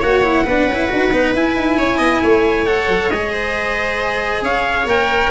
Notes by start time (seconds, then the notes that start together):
0.00 A#3 F#4 C#5 F#5
0.23 E4
0.45 B3 D4 B4
0.67 C#4
0.73 E4
0.88 D#4 F#4
1.12 B3 D#4
1.34 E4 G#5
1.56 D#4
1.77 C#4 C#5
1.98 B3 D#5
2.23 A3 C#5
2.66 A4 F#5
2.88 F#3
3.09 G#3 G#4 D#5
3.32 C5
4.42 C#4 C#5 F5
4.85 A#3 A#4 G5